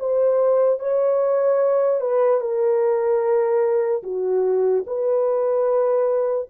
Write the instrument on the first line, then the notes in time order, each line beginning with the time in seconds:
horn
0.00 C5
0.80 C#5
2.01 B4
2.41 A#4
4.03 F#4
4.87 B4